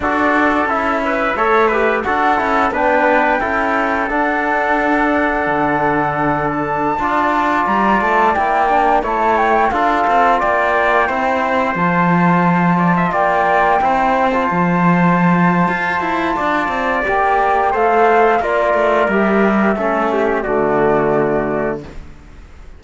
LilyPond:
<<
  \new Staff \with { instrumentName = "flute" } { \time 4/4 \tempo 4 = 88 d''4 e''2 fis''4 | g''2 fis''2~ | fis''4. a''4.~ a''16 ais''8 a''16~ | a''16 g''4 a''8 g''8 f''4 g''8.~ |
g''4~ g''16 a''2 g''8.~ | g''4 a''2.~ | a''4 g''4 f''4 d''4 | e''2 d''2 | }
  \new Staff \with { instrumentName = "trumpet" } { \time 4/4 a'4. b'8 cis''8 b'8 a'4 | b'4 a'2.~ | a'2~ a'16 d''4.~ d''16~ | d''4~ d''16 cis''4 a'4 d''8.~ |
d''16 c''2~ c''8 d''16 e''16 d''8.~ | d''16 c''2.~ c''8. | d''2 c''4 ais'4~ | ais'4 a'8 g'8 fis'2 | }
  \new Staff \with { instrumentName = "trombone" } { \time 4/4 fis'4 e'4 a'8 g'8 fis'8 e'8 | d'4 e'4 d'2~ | d'2~ d'16 f'4.~ f'16~ | f'16 e'8 d'8 e'4 f'4.~ f'16~ |
f'16 e'4 f'2~ f'8.~ | f'16 e'8. f'2.~ | f'4 g'4 a'4 f'4 | g'4 cis'4 a2 | }
  \new Staff \with { instrumentName = "cello" } { \time 4/4 d'4 cis'4 a4 d'8 cis'8 | b4 cis'4 d'2 | d2~ d16 d'4 g8 a16~ | a16 ais4 a4 d'8 c'8 ais8.~ |
ais16 c'4 f2 ais8.~ | ais16 c'4 f4.~ f16 f'8 e'8 | d'8 c'8 ais4 a4 ais8 a8 | g4 a4 d2 | }
>>